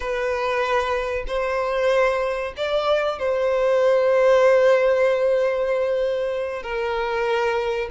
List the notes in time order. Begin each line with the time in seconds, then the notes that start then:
0.00 B4
1.27 C5
2.56 D5
3.18 C5
6.63 A#4